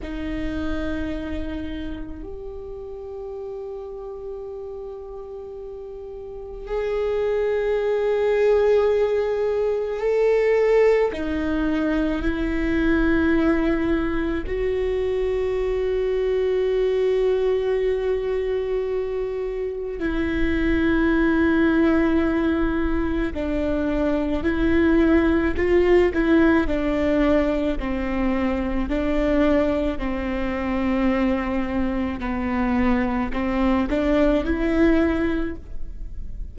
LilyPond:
\new Staff \with { instrumentName = "viola" } { \time 4/4 \tempo 4 = 54 dis'2 g'2~ | g'2 gis'2~ | gis'4 a'4 dis'4 e'4~ | e'4 fis'2.~ |
fis'2 e'2~ | e'4 d'4 e'4 f'8 e'8 | d'4 c'4 d'4 c'4~ | c'4 b4 c'8 d'8 e'4 | }